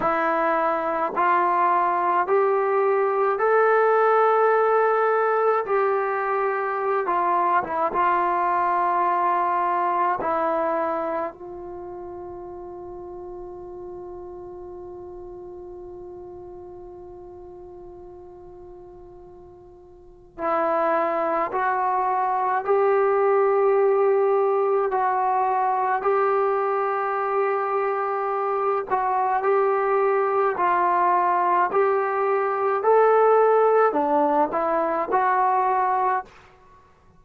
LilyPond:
\new Staff \with { instrumentName = "trombone" } { \time 4/4 \tempo 4 = 53 e'4 f'4 g'4 a'4~ | a'4 g'4~ g'16 f'8 e'16 f'4~ | f'4 e'4 f'2~ | f'1~ |
f'2 e'4 fis'4 | g'2 fis'4 g'4~ | g'4. fis'8 g'4 f'4 | g'4 a'4 d'8 e'8 fis'4 | }